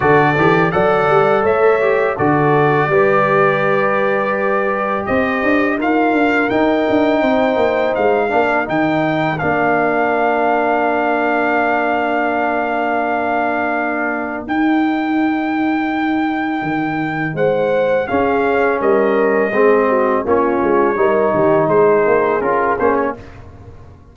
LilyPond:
<<
  \new Staff \with { instrumentName = "trumpet" } { \time 4/4 \tempo 4 = 83 d''4 fis''4 e''4 d''4~ | d''2. dis''4 | f''4 g''2 f''4 | g''4 f''2.~ |
f''1 | g''1 | fis''4 f''4 dis''2 | cis''2 c''4 ais'8 c''16 cis''16 | }
  \new Staff \with { instrumentName = "horn" } { \time 4/4 a'4 d''4 cis''4 a'4 | b'2. c''4 | ais'2 c''4. ais'8~ | ais'1~ |
ais'1~ | ais'1 | c''4 gis'4 ais'4 gis'8 fis'8 | f'4 ais'8 g'8 gis'2 | }
  \new Staff \with { instrumentName = "trombone" } { \time 4/4 fis'8 g'8 a'4. g'8 fis'4 | g'1 | f'4 dis'2~ dis'8 d'8 | dis'4 d'2.~ |
d'1 | dis'1~ | dis'4 cis'2 c'4 | cis'4 dis'2 f'8 cis'8 | }
  \new Staff \with { instrumentName = "tuba" } { \time 4/4 d8 e8 fis8 g8 a4 d4 | g2. c'8 d'8 | dis'8 d'8 dis'8 d'8 c'8 ais8 gis8 ais8 | dis4 ais2.~ |
ais1 | dis'2. dis4 | gis4 cis'4 g4 gis4 | ais8 gis8 g8 dis8 gis8 ais8 cis'8 ais8 | }
>>